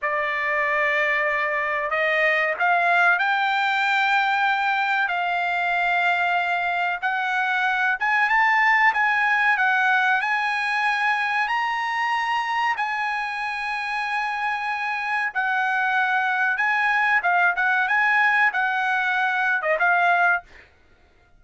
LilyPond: \new Staff \with { instrumentName = "trumpet" } { \time 4/4 \tempo 4 = 94 d''2. dis''4 | f''4 g''2. | f''2. fis''4~ | fis''8 gis''8 a''4 gis''4 fis''4 |
gis''2 ais''2 | gis''1 | fis''2 gis''4 f''8 fis''8 | gis''4 fis''4.~ fis''16 dis''16 f''4 | }